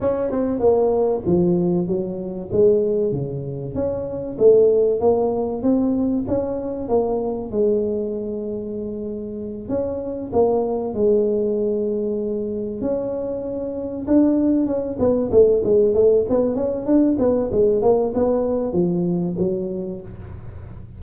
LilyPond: \new Staff \with { instrumentName = "tuba" } { \time 4/4 \tempo 4 = 96 cis'8 c'8 ais4 f4 fis4 | gis4 cis4 cis'4 a4 | ais4 c'4 cis'4 ais4 | gis2.~ gis8 cis'8~ |
cis'8 ais4 gis2~ gis8~ | gis8 cis'2 d'4 cis'8 | b8 a8 gis8 a8 b8 cis'8 d'8 b8 | gis8 ais8 b4 f4 fis4 | }